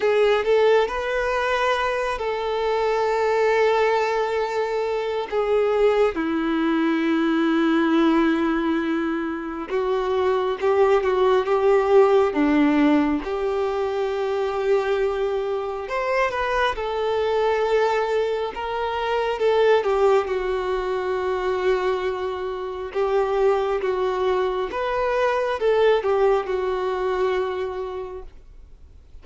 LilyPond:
\new Staff \with { instrumentName = "violin" } { \time 4/4 \tempo 4 = 68 gis'8 a'8 b'4. a'4.~ | a'2 gis'4 e'4~ | e'2. fis'4 | g'8 fis'8 g'4 d'4 g'4~ |
g'2 c''8 b'8 a'4~ | a'4 ais'4 a'8 g'8 fis'4~ | fis'2 g'4 fis'4 | b'4 a'8 g'8 fis'2 | }